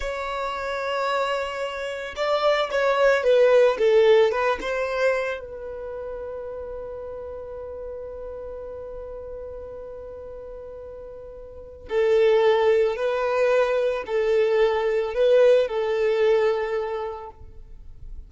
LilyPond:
\new Staff \with { instrumentName = "violin" } { \time 4/4 \tempo 4 = 111 cis''1 | d''4 cis''4 b'4 a'4 | b'8 c''4. b'2~ | b'1~ |
b'1~ | b'2 a'2 | b'2 a'2 | b'4 a'2. | }